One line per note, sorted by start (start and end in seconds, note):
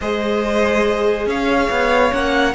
0.00 1.26 G#3
0.00 2.11 G#4
0.00 1.27 C5
0.00 1.28 D#5
1.26 1.68 C#4
1.26 2.54 C#5
1.26 2.13 F5
1.70 2.12 B3
2.11 2.54 A#3
2.11 2.53 C#4
2.11 2.54 F#5